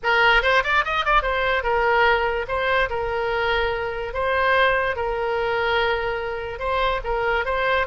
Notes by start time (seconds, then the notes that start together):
0.03 A#4
0.42 C5
0.63 D5
0.84 D#5
1.05 D5
1.22 C5
1.63 A#4
2.48 C5
2.89 A#4
4.13 C5
4.96 A#4
6.59 C5
7.04 A#4
7.45 C5